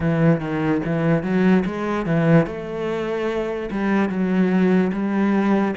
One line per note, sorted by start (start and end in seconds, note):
0.00 0.40 E3
0.40 0.81 D#3
0.85 1.23 E3
1.23 1.64 F#3
1.65 2.05 G#3
2.05 2.46 E3
2.46 3.69 A3
3.70 4.09 G3
4.09 4.91 F#3
4.92 5.75 G3